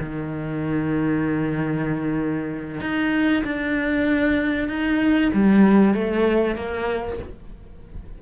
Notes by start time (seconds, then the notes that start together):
0.00 D#3
2.81 D#4
3.44 D4
4.69 D#4
5.34 G3
5.94 A3
6.56 A#3